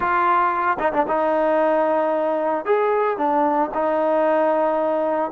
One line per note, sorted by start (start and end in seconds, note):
0.00 0.77 F4
0.79 0.92 D#4
0.93 1.06 D4
1.07 2.65 D#4
2.65 3.17 G#4
3.17 3.70 D4
3.73 5.31 D#4